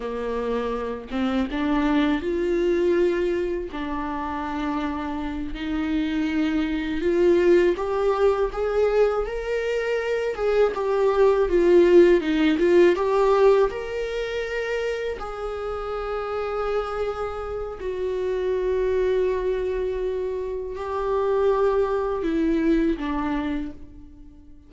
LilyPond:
\new Staff \with { instrumentName = "viola" } { \time 4/4 \tempo 4 = 81 ais4. c'8 d'4 f'4~ | f'4 d'2~ d'8 dis'8~ | dis'4. f'4 g'4 gis'8~ | gis'8 ais'4. gis'8 g'4 f'8~ |
f'8 dis'8 f'8 g'4 ais'4.~ | ais'8 gis'2.~ gis'8 | fis'1 | g'2 e'4 d'4 | }